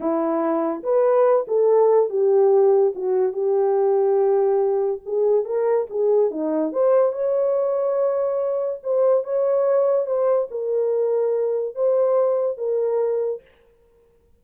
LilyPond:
\new Staff \with { instrumentName = "horn" } { \time 4/4 \tempo 4 = 143 e'2 b'4. a'8~ | a'4 g'2 fis'4 | g'1 | gis'4 ais'4 gis'4 dis'4 |
c''4 cis''2.~ | cis''4 c''4 cis''2 | c''4 ais'2. | c''2 ais'2 | }